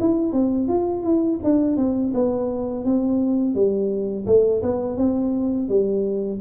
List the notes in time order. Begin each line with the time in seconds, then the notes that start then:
0.00 E4
0.32 C4
0.68 F4
1.03 E4
1.44 D4
1.77 C4
2.14 B3
2.85 C4
3.55 G3
4.26 A3
4.62 B3
4.97 C4
5.69 G3